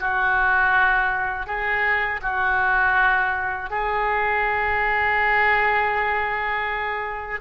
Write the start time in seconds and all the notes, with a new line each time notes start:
0.00 F#4
1.47 G#4
2.22 F#4
3.70 G#4